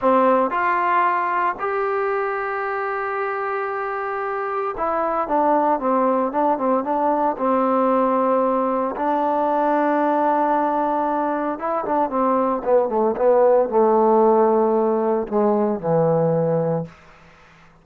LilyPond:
\new Staff \with { instrumentName = "trombone" } { \time 4/4 \tempo 4 = 114 c'4 f'2 g'4~ | g'1~ | g'4 e'4 d'4 c'4 | d'8 c'8 d'4 c'2~ |
c'4 d'2.~ | d'2 e'8 d'8 c'4 | b8 a8 b4 a2~ | a4 gis4 e2 | }